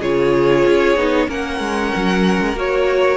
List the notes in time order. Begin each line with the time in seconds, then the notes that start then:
0.00 C#3 F4 G#4 C#5
0.66 C#4
0.97 B3 D#4
1.28 A#3 C#4 A#4 F#5
1.60 G#3
1.96 F#3
2.41 G#3
2.54 A#3 F#4 C#5